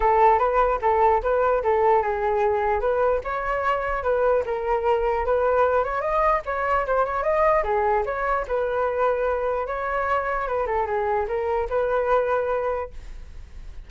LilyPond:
\new Staff \with { instrumentName = "flute" } { \time 4/4 \tempo 4 = 149 a'4 b'4 a'4 b'4 | a'4 gis'2 b'4 | cis''2 b'4 ais'4~ | ais'4 b'4. cis''8 dis''4 |
cis''4 c''8 cis''8 dis''4 gis'4 | cis''4 b'2. | cis''2 b'8 a'8 gis'4 | ais'4 b'2. | }